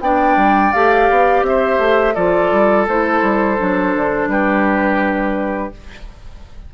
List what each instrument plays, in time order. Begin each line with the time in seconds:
0.00 bassoon B3, clarinet D4, oboe D5, flute G5
0.36 bassoon G3
0.72 bassoon A3, clarinet G4, flute F5
1.10 bassoon B3
1.42 bassoon C4, oboe C5, flute E5
1.78 bassoon A3
2.14 bassoon F3, clarinet F4, oboe A4, flute D5
2.51 bassoon G3
2.86 bassoon A3, clarinet E4, flute C5
3.22 bassoon G3
3.57 bassoon F#3, clarinet D4
3.94 bassoon D3
4.27 bassoon G3, oboe G4, flute B4